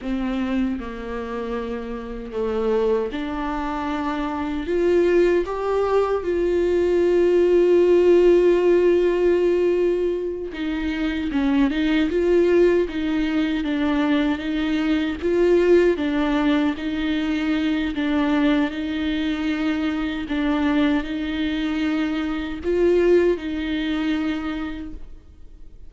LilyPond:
\new Staff \with { instrumentName = "viola" } { \time 4/4 \tempo 4 = 77 c'4 ais2 a4 | d'2 f'4 g'4 | f'1~ | f'4. dis'4 cis'8 dis'8 f'8~ |
f'8 dis'4 d'4 dis'4 f'8~ | f'8 d'4 dis'4. d'4 | dis'2 d'4 dis'4~ | dis'4 f'4 dis'2 | }